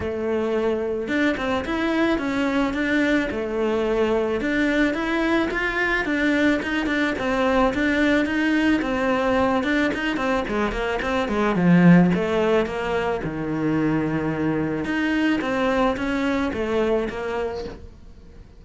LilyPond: \new Staff \with { instrumentName = "cello" } { \time 4/4 \tempo 4 = 109 a2 d'8 c'8 e'4 | cis'4 d'4 a2 | d'4 e'4 f'4 d'4 | dis'8 d'8 c'4 d'4 dis'4 |
c'4. d'8 dis'8 c'8 gis8 ais8 | c'8 gis8 f4 a4 ais4 | dis2. dis'4 | c'4 cis'4 a4 ais4 | }